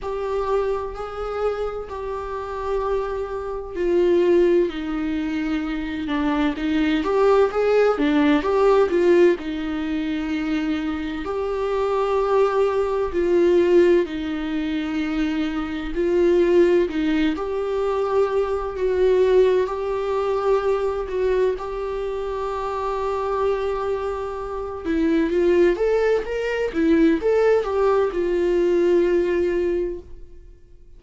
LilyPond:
\new Staff \with { instrumentName = "viola" } { \time 4/4 \tempo 4 = 64 g'4 gis'4 g'2 | f'4 dis'4. d'8 dis'8 g'8 | gis'8 d'8 g'8 f'8 dis'2 | g'2 f'4 dis'4~ |
dis'4 f'4 dis'8 g'4. | fis'4 g'4. fis'8 g'4~ | g'2~ g'8 e'8 f'8 a'8 | ais'8 e'8 a'8 g'8 f'2 | }